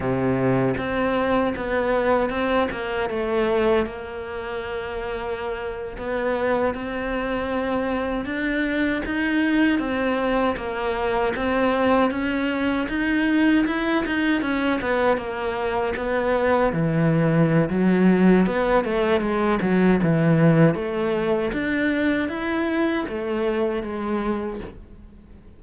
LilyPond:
\new Staff \with { instrumentName = "cello" } { \time 4/4 \tempo 4 = 78 c4 c'4 b4 c'8 ais8 | a4 ais2~ ais8. b16~ | b8. c'2 d'4 dis'16~ | dis'8. c'4 ais4 c'4 cis'16~ |
cis'8. dis'4 e'8 dis'8 cis'8 b8 ais16~ | ais8. b4 e4~ e16 fis4 | b8 a8 gis8 fis8 e4 a4 | d'4 e'4 a4 gis4 | }